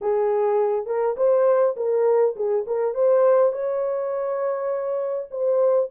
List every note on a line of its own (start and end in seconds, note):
0.01 0.86 G#4
0.86 1.15 A#4
1.16 1.75 C5
1.76 2.35 A#4
2.36 2.65 G#4
2.66 2.94 A#4
2.94 3.52 C5
3.52 5.28 C#5
5.30 5.89 C5